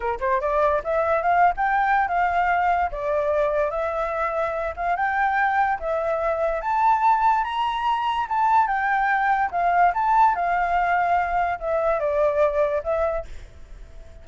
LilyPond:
\new Staff \with { instrumentName = "flute" } { \time 4/4 \tempo 4 = 145 ais'8 c''8 d''4 e''4 f''8. g''16~ | g''4 f''2 d''4~ | d''4 e''2~ e''8 f''8 | g''2 e''2 |
a''2 ais''2 | a''4 g''2 f''4 | a''4 f''2. | e''4 d''2 e''4 | }